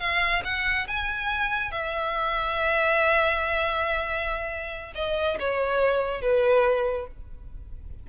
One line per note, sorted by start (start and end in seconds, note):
0.00 0.43 F5
0.45 0.87 F#5
0.88 1.72 G#5
1.72 4.93 E5
4.95 5.38 D#5
5.40 6.22 C#5
6.22 7.08 B4